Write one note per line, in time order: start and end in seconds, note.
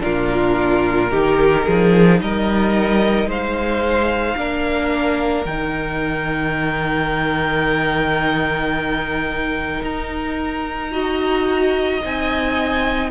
0.00 1.12 A#2
0.00 1.09 D4
0.00 1.10 F4
0.00 2.20 A#4
1.10 1.67 D#3
1.10 4.37 D#4
1.10 1.65 G4
1.65 2.21 F3
1.65 2.20 G#4
2.21 3.25 G3
2.21 3.28 A#4
2.21 3.30 D#5
3.25 4.34 G#3
3.25 4.37 C5
3.25 5.45 F5
4.37 5.45 A#3
4.37 5.46 D4
4.37 10.92 A#4
5.45 9.81 D#3
5.45 10.91 D#4
5.45 9.82 G5
9.82 12.00 D#4
9.82 12.02 A#5
10.91 12.00 F#4
10.91 13.10 D#5
12.02 13.10 C4
12.02 13.10 D#4
12.02 13.10 G#5